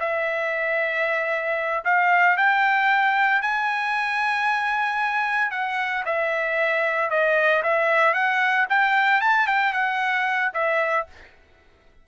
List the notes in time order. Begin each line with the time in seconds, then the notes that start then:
0.00 E5
1.85 F5
2.37 G5
3.42 G#5
5.51 F#5
6.06 E5
7.10 D#5
7.63 E5
8.14 F#5
8.69 G5
9.21 A5
9.47 G5
9.73 F#5
10.54 E5